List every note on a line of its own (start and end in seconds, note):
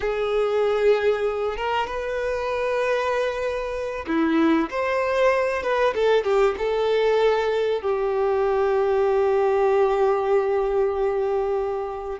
0.00 1.56 G#4
1.57 1.86 A#4
1.86 4.05 B4
4.07 4.69 E4
4.70 5.62 C5
5.62 5.94 B4
5.95 6.23 A4
6.23 6.55 G4
6.57 7.81 A4
7.81 12.19 G4